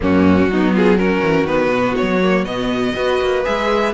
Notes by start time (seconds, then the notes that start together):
0.00 F#2 A#3 C#4 F#4
0.47 F#3 D#4
0.53 B3
0.73 F4 G#4
0.97 C#4 F#4 A#4
1.22 E3
1.44 D#3 B3 B4
1.68 B2
1.96 F#3 C#5
2.22 A#3
2.44 B2 B3 D#5
2.95 B3 F#4 B4
3.20 A#3
3.44 G#3 G#4 E5